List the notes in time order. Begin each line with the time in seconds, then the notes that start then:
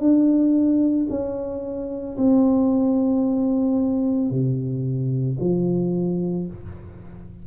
0.00 D4
1.10 C#4
2.18 C4
4.31 C3
5.40 F3